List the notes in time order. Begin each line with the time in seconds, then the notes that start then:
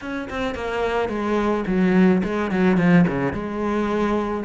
0.01 C#4
0.29 C4
0.54 A#3
1.08 G#3
1.67 F#3
2.23 G#3
2.51 F#3
2.77 F3
3.07 C#3
3.32 G#3